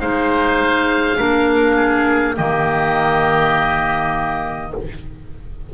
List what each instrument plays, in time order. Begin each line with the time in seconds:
0.00 double bass G#3, clarinet D#4, oboe C5 F5
1.17 double bass A#3, clarinet D4, oboe A#4
1.76 oboe G#4
2.36 double bass D#3, clarinet A#3, oboe G4 D#5